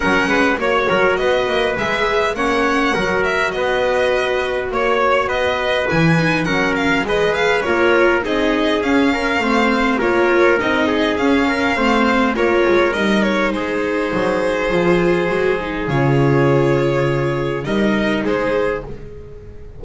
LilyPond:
<<
  \new Staff \with { instrumentName = "violin" } { \time 4/4 \tempo 4 = 102 fis''4 cis''4 dis''4 e''4 | fis''4. e''8 dis''2 | cis''4 dis''4 gis''4 fis''8 f''8 | dis''8 f''8 cis''4 dis''4 f''4~ |
f''4 cis''4 dis''4 f''4~ | f''4 cis''4 dis''8 cis''8 c''4~ | c''2. cis''4~ | cis''2 dis''4 c''4 | }
  \new Staff \with { instrumentName = "trumpet" } { \time 4/4 ais'8 b'8 cis''8 ais'8 b'2 | cis''4 ais'4 b'2 | cis''4 b'2 ais'4 | b'4 ais'4 gis'4. ais'8 |
c''4 ais'4. gis'4 ais'8 | c''4 ais'2 gis'4~ | gis'1~ | gis'2 ais'4 gis'4 | }
  \new Staff \with { instrumentName = "viola" } { \time 4/4 cis'4 fis'2 gis'4 | cis'4 fis'2.~ | fis'2 e'8 dis'8 cis'4 | gis'4 f'4 dis'4 cis'4 |
c'4 f'4 dis'4 cis'4 | c'4 f'4 dis'2~ | dis'4 f'4 fis'8 dis'8 f'4~ | f'2 dis'2 | }
  \new Staff \with { instrumentName = "double bass" } { \time 4/4 fis8 gis8 ais8 fis8 b8 ais8 gis4 | ais4 fis4 b2 | ais4 b4 e4 fis4 | gis4 ais4 c'4 cis'4 |
a4 ais4 c'4 cis'4 | a4 ais8 gis8 g4 gis4 | fis4 f4 gis4 cis4~ | cis2 g4 gis4 | }
>>